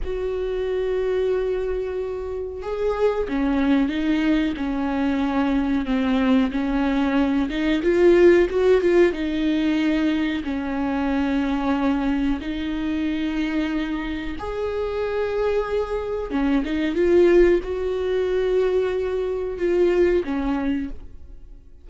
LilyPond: \new Staff \with { instrumentName = "viola" } { \time 4/4 \tempo 4 = 92 fis'1 | gis'4 cis'4 dis'4 cis'4~ | cis'4 c'4 cis'4. dis'8 | f'4 fis'8 f'8 dis'2 |
cis'2. dis'4~ | dis'2 gis'2~ | gis'4 cis'8 dis'8 f'4 fis'4~ | fis'2 f'4 cis'4 | }